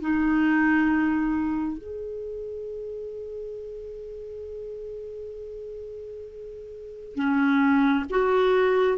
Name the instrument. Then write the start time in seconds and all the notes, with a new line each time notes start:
clarinet
0.00 D#4
1.77 G#4
7.15 C#4
8.09 F#4